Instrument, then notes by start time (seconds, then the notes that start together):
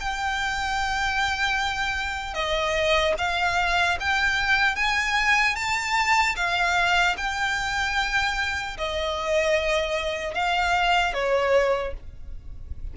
violin
0.00 G5
2.34 D#5
3.18 F5
4.00 G5
4.76 G#5
5.56 A5
6.36 F5
7.17 G5
8.77 D#5
10.34 F5
11.14 C#5